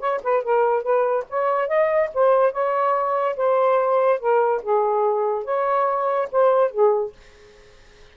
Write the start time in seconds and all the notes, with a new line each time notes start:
0.00 C#5
0.24 B4
0.44 A#4
0.83 B4
1.30 C#5
1.68 D#5
2.14 C5
2.53 C#5
3.37 C5
4.20 A#4
4.63 G#4
5.45 C#5
6.32 C5
6.71 G#4